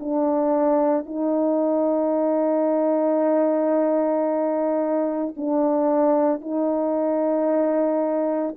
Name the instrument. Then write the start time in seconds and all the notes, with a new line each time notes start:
horn
0.00 D4
1.06 D#4
5.37 D4
6.41 D#4